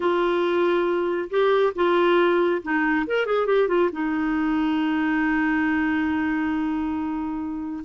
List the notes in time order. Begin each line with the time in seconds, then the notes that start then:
0.00 F4
1.29 G4
1.75 F4
2.62 D#4
3.06 A#4
3.25 G#4
3.46 G4
3.68 F4
3.92 D#4